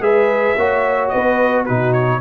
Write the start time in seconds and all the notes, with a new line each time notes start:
0.00 G#3 G#4 B4 E5
0.57 A#3 F#4 C#5
1.09 B3 B4 D#5
1.64 B2 D#4 F#4 B4
1.93 C#5